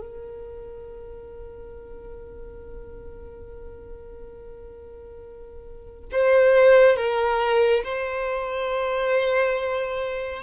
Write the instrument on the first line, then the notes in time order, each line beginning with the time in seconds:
violin
0.00 A#4
6.11 C5
6.96 A#4
7.83 C5